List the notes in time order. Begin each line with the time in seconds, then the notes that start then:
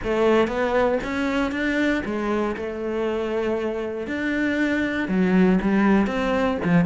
0.03 A3
0.47 B3
1.03 C#4
1.51 D4
2.05 G#3
2.56 A3
4.07 D4
5.08 F#3
5.61 G3
6.06 C4
6.64 F3